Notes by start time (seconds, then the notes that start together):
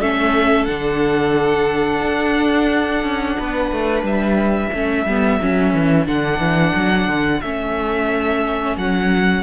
0.00 A3 C#4 A4 E5
0.65 D3 D4 F#5
2.02 D4
3.03 C#4
3.37 B3 B4
3.71 A3
4.03 G3 E5
4.71 A3 C#4 A4
5.05 G3 B3
5.41 F#3 C#4
5.74 E3
6.06 D3 D4 F#5
6.39 E3
6.75 F#3
7.07 D3
7.41 A3 C#4 E5
8.76 F#3 F#5